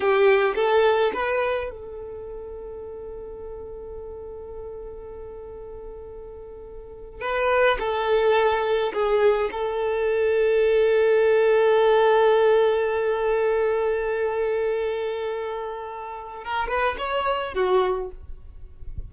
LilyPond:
\new Staff \with { instrumentName = "violin" } { \time 4/4 \tempo 4 = 106 g'4 a'4 b'4 a'4~ | a'1~ | a'1~ | a'8. b'4 a'2 gis'16~ |
gis'8. a'2.~ a'16~ | a'1~ | a'1~ | a'4 ais'8 b'8 cis''4 fis'4 | }